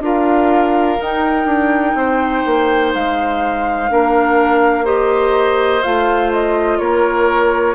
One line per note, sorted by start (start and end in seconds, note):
0.00 0.97 D4
0.00 0.99 F4
0.00 1.97 A#4
0.00 1.02 F5
1.00 3.90 D#4
1.00 1.46 D#4
1.00 2.94 G5
1.46 1.94 D4
1.94 2.43 C4
1.94 3.91 C5
2.46 2.94 A#3
2.94 3.90 G#3
2.94 4.86 F5
3.90 5.84 A#3
3.90 4.85 D4
3.90 4.85 A#4
4.85 5.82 G4
4.85 6.78 C5
4.85 5.83 D#5
5.83 6.80 A3
5.83 7.75 F4
5.83 6.31 F5
6.32 6.79 D#5
6.79 7.75 A#3
6.79 7.75 A#4
6.79 7.75 C#5